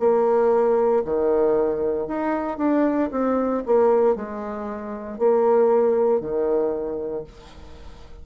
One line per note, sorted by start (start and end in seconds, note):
0.00 1.03 A#3
1.05 2.08 D#3
2.08 2.58 D#4
2.58 3.10 D4
3.12 3.63 C4
3.66 4.16 A#3
4.16 5.19 G#3
5.19 6.21 A#3
6.21 7.24 D#3